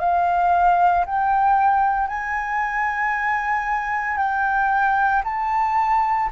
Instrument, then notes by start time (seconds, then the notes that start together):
flute
0.00 F5
1.06 G5
2.08 G#5
4.18 G5
5.24 A5